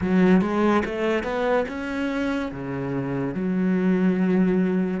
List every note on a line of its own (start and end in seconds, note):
0.01 0.41 F#3
0.41 0.83 G#3
0.85 1.23 A3
1.23 1.65 B3
1.68 2.52 C#4
2.52 3.34 C#3
3.34 5.00 F#3